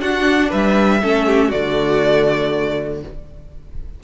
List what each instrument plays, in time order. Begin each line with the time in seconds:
0.00 viola D4, cello D4, violin F#4 F#5
0.50 cello G3, violin B4 E5
1.02 cello A3, viola C#4, violin A4
1.27 violin G4
1.49 cello D3, viola A3, violin F#4 D5